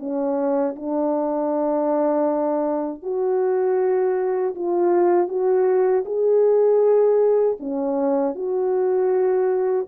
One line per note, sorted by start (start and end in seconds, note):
0.00 0.76 C#4
0.76 3.03 D4
3.03 4.55 F#4
4.55 5.29 F4
5.29 6.05 F#4
6.06 7.58 G#4
7.61 8.35 C#4
8.35 9.87 F#4